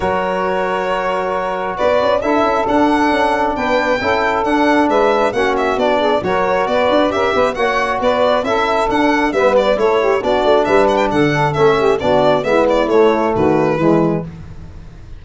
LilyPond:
<<
  \new Staff \with { instrumentName = "violin" } { \time 4/4 \tempo 4 = 135 cis''1 | d''4 e''4 fis''2 | g''2 fis''4 e''4 | fis''8 e''8 d''4 cis''4 d''4 |
e''4 fis''4 d''4 e''4 | fis''4 e''8 d''8 cis''4 d''4 | e''8 fis''16 g''16 fis''4 e''4 d''4 | e''8 d''8 cis''4 b'2 | }
  \new Staff \with { instrumentName = "saxophone" } { \time 4/4 ais'1 | b'4 a'2. | b'4 a'2 b'4 | fis'4. gis'8 ais'4 b'4 |
ais'8 b'8 cis''4 b'4 a'4~ | a'4 b'4 a'8 g'8 fis'4 | b'4 a'4. g'8 fis'4 | e'2 fis'4 e'4 | }
  \new Staff \with { instrumentName = "trombone" } { \time 4/4 fis'1~ | fis'4 e'4 d'2~ | d'4 e'4 d'2 | cis'4 d'4 fis'2 |
g'4 fis'2 e'4 | d'4 b4 e'4 d'4~ | d'2 cis'4 d'4 | b4 a2 gis4 | }
  \new Staff \with { instrumentName = "tuba" } { \time 4/4 fis1 | b8 cis'8 d'8 cis'8 d'4 cis'4 | b4 cis'4 d'4 gis4 | ais4 b4 fis4 b8 d'8 |
cis'8 b8 ais4 b4 cis'4 | d'4 g4 a4 b8 a8 | g4 d4 a4 b4 | gis4 a4 dis4 e4 | }
>>